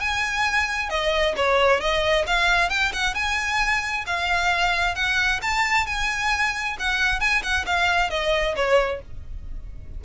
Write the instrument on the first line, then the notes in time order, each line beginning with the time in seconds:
violin
0.00 G#5
0.90 D#5
1.37 C#5
1.80 D#5
2.27 F5
2.70 G5
2.93 F#5
3.15 G#5
4.07 F5
4.95 F#5
5.42 A5
5.87 G#5
6.79 F#5
7.20 G#5
7.43 F#5
7.66 F5
8.10 D#5
8.56 C#5